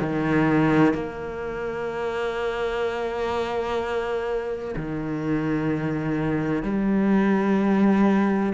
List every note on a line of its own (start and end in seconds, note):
0.00 0.94 D#3
0.94 4.75 A#3
4.76 6.63 D#3
6.63 8.54 G3